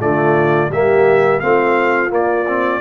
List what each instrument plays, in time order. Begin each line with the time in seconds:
0.00 tuba D3, trombone A3, horn F4, trumpet D5
0.69 tuba G3, trombone A#3, horn G4, trumpet E5
1.40 tuba A3, trombone C4, horn F4, trumpet F5
2.10 trombone A#3, tuba A#3, trumpet D5
2.48 trombone C4